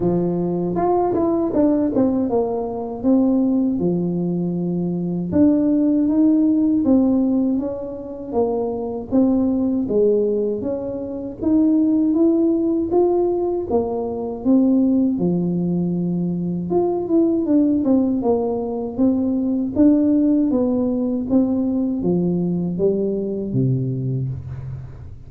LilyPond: \new Staff \with { instrumentName = "tuba" } { \time 4/4 \tempo 4 = 79 f4 f'8 e'8 d'8 c'8 ais4 | c'4 f2 d'4 | dis'4 c'4 cis'4 ais4 | c'4 gis4 cis'4 dis'4 |
e'4 f'4 ais4 c'4 | f2 f'8 e'8 d'8 c'8 | ais4 c'4 d'4 b4 | c'4 f4 g4 c4 | }